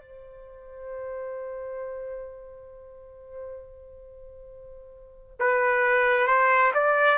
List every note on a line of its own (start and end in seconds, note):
0.00 5.37 C5
5.40 6.27 B4
6.27 6.72 C5
6.74 7.18 D5